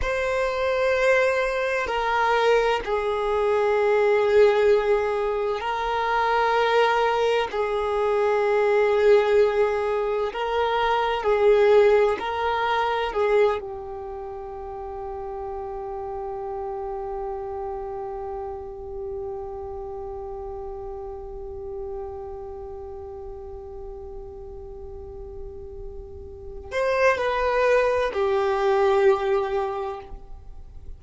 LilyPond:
\new Staff \with { instrumentName = "violin" } { \time 4/4 \tempo 4 = 64 c''2 ais'4 gis'4~ | gis'2 ais'2 | gis'2. ais'4 | gis'4 ais'4 gis'8 g'4.~ |
g'1~ | g'1~ | g'1~ | g'8 c''8 b'4 g'2 | }